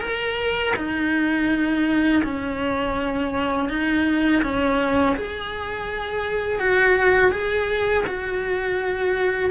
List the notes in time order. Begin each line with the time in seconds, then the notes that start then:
0.00 A#4
0.76 D#4
2.23 C#4
3.69 D#4
4.42 C#4
5.16 G#4
6.59 F#4
7.31 G#4
8.07 F#4